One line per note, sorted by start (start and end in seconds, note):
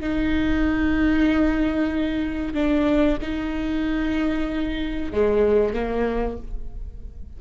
0.00 2.54 D#4
2.54 3.17 D4
3.21 5.12 D#4
5.12 5.73 G#3
5.73 6.37 A#3